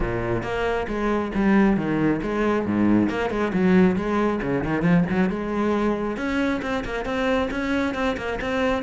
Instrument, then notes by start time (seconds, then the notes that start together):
cello
0.00 A#2
0.43 A#3
0.87 G#3
1.35 G3
1.76 D#3
2.22 G#3
2.66 G#2
3.09 A#3
3.29 G#3
3.53 F#3
3.96 G#3
4.42 C#3
4.64 D#3
4.82 F3
5.09 F#3
5.29 G#3
6.16 C#4
6.62 C4
6.84 A#3
7.05 C4
7.50 C#4
7.94 C4
8.17 A#3
8.41 C4